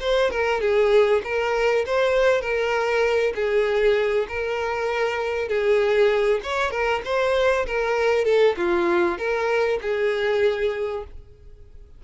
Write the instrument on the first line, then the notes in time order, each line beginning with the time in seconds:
violin
0.00 C5
0.31 A#4
0.61 G#4
1.24 A#4
1.86 C5
2.41 A#4
3.35 G#4
4.28 A#4
5.49 G#4
6.43 C#5
6.71 A#4
7.05 C5
7.66 A#4
8.25 A4
8.57 F4
9.18 A#4
9.82 G#4